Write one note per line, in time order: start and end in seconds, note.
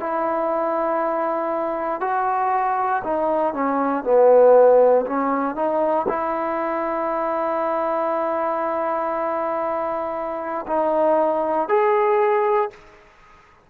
0.00 2.01 E4
2.01 3.03 F#4
3.04 3.54 D#4
3.54 4.04 C#4
4.04 5.06 B3
5.06 5.56 C#4
5.56 6.06 D#4
6.08 10.66 E4
10.67 11.69 D#4
11.69 12.70 G#4